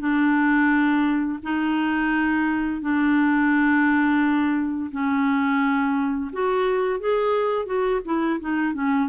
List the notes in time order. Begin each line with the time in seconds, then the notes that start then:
0.00 D4
1.43 D#4
2.82 D4
4.92 C#4
6.33 F#4
7.00 G#4
7.66 F#4
8.05 E4
8.40 D#4
8.74 C#4